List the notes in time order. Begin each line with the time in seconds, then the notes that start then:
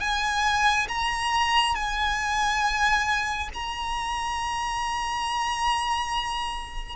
0.00 G#5
0.88 A#5
1.75 G#5
3.54 A#5